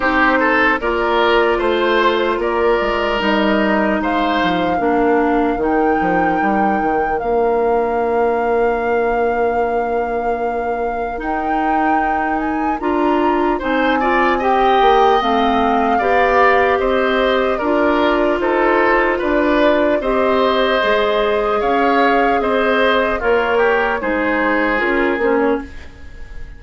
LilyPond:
<<
  \new Staff \with { instrumentName = "flute" } { \time 4/4 \tempo 4 = 75 c''4 d''4 c''4 d''4 | dis''4 f''2 g''4~ | g''4 f''2.~ | f''2 g''4. gis''8 |
ais''4 gis''4 g''4 f''4~ | f''4 dis''4 d''4 c''4 | d''4 dis''2 f''4 | dis''4 cis''4 c''4 ais'8 c''16 cis''16 | }
  \new Staff \with { instrumentName = "oboe" } { \time 4/4 g'8 a'8 ais'4 c''4 ais'4~ | ais'4 c''4 ais'2~ | ais'1~ | ais'1~ |
ais'4 c''8 d''8 dis''2 | d''4 c''4 ais'4 a'4 | b'4 c''2 cis''4 | c''4 f'8 g'8 gis'2 | }
  \new Staff \with { instrumentName = "clarinet" } { \time 4/4 dis'4 f'2. | dis'2 d'4 dis'4~ | dis'4 d'2.~ | d'2 dis'2 |
f'4 dis'8 f'8 g'4 c'4 | g'2 f'2~ | f'4 g'4 gis'2~ | gis'4 ais'4 dis'4 f'8 cis'8 | }
  \new Staff \with { instrumentName = "bassoon" } { \time 4/4 c'4 ais4 a4 ais8 gis8 | g4 gis8 f8 ais4 dis8 f8 | g8 dis8 ais2.~ | ais2 dis'2 |
d'4 c'4. ais8 a4 | b4 c'4 d'4 dis'4 | d'4 c'4 gis4 cis'4 | c'4 ais4 gis4 cis'8 ais8 | }
>>